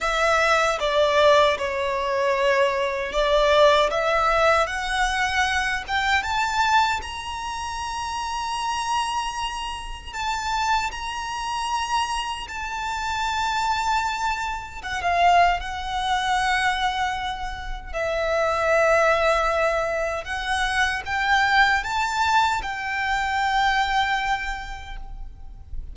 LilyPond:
\new Staff \with { instrumentName = "violin" } { \time 4/4 \tempo 4 = 77 e''4 d''4 cis''2 | d''4 e''4 fis''4. g''8 | a''4 ais''2.~ | ais''4 a''4 ais''2 |
a''2. fis''16 f''8. | fis''2. e''4~ | e''2 fis''4 g''4 | a''4 g''2. | }